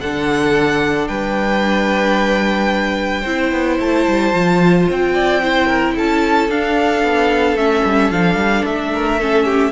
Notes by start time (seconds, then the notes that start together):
0.00 D3 D4 A4 F#5
1.08 G3 B4 G5
3.21 C4 E4 C5
3.52 B3
3.80 A3 A5
4.08 G3
4.33 F3 F4
4.90 C4 G5
5.14 D5
5.42 E4 C5
5.67 A#4
5.95 C#4 A4 A5
6.49 D4 F5
7.03 B3
7.56 A3 C#4 E5
7.85 G3
8.11 F3 D4 F5
8.35 G3
8.65 A3 E5
8.93 A#4
9.20 C#4 A4
9.45 G4